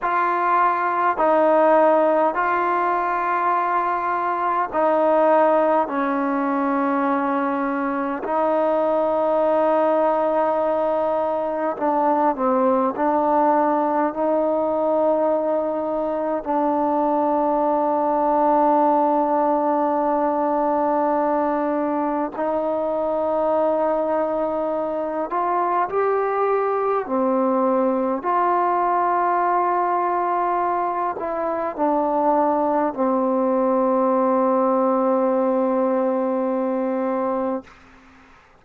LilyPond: \new Staff \with { instrumentName = "trombone" } { \time 4/4 \tempo 4 = 51 f'4 dis'4 f'2 | dis'4 cis'2 dis'4~ | dis'2 d'8 c'8 d'4 | dis'2 d'2~ |
d'2. dis'4~ | dis'4. f'8 g'4 c'4 | f'2~ f'8 e'8 d'4 | c'1 | }